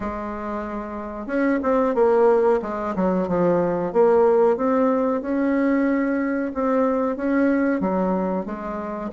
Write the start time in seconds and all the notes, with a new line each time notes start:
0.00 G#3
1.26 C#4
1.62 C4
1.94 A#3
2.62 G#3
2.95 F#3
3.28 F3
3.92 A#3
4.56 C4
5.21 C#4
6.54 C4
7.16 C#4
7.80 F#3
8.45 G#3